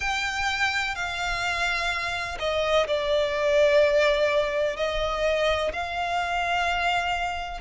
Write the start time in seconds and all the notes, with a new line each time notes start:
0.00 G5
0.95 F5
2.39 D#5
2.87 D5
4.76 D#5
5.72 F5